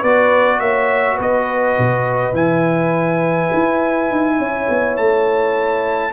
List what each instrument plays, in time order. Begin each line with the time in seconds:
0.00 tuba B3, trombone F#4, horn B4, trumpet D5
0.59 tuba A#3, horn C#5, trumpet E5
1.15 tuba B3, horn B4
1.22 trumpet D#5
1.78 tuba B2
2.33 tuba E3, trombone E4, trumpet G#5
3.53 tuba E4
4.11 tuba D#4
4.37 tuba C#4, horn C#5
4.69 tuba B3
4.97 tuba A3, trumpet A5